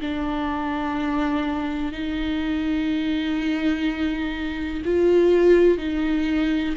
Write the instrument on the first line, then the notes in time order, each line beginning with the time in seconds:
viola
0.00 D4
1.92 D#4
4.85 F4
5.78 D#4